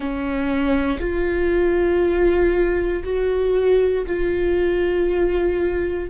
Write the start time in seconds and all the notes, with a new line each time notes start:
0.00 C#4
0.99 F4
3.03 F#4
4.06 F4